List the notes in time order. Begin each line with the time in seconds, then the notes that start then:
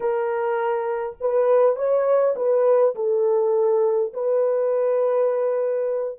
0.00 A#4
1.20 B4
1.76 C#5
2.36 B4
2.95 A4
4.13 B4